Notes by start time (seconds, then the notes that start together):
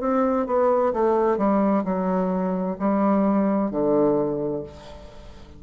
0.00 C4
0.46 B3
0.93 A3
1.37 G3
1.84 F#3
2.79 G3
3.70 D3